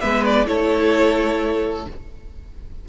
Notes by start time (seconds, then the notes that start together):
0.00 G#3 B3 B4 E5
0.25 D5
0.45 A3 E4 A4 C#5